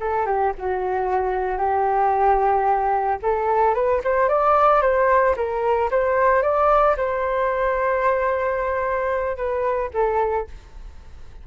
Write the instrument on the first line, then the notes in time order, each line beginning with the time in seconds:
flute
0.00 A4
0.26 G4
0.58 F#4
1.58 G4
3.22 A4
3.75 B4
4.04 C5
4.29 D5
4.82 C5
5.36 A#4
5.91 C5
6.42 D5
6.97 C5
9.37 B4
9.94 A4